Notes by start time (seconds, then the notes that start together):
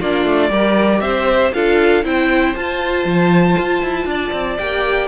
0.00 A#3 D4 F4 D5
0.25 A3
0.51 G3 G4 A#4
1.01 C4 C5 E5
1.54 D4 F4 A4 F5
2.04 C4 E4 C5 G5
2.55 F4 A5
3.05 F3
3.59 F4
3.83 E4
4.06 D4 D5
4.33 C4
4.59 A#3 G4 G5